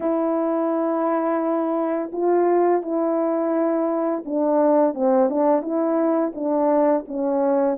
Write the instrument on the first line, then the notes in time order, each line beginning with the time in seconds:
horn
0.00 E4
2.12 F4
2.82 E4
4.25 D4
4.94 C4
5.29 D4
5.62 E4
6.34 D4
7.07 C#4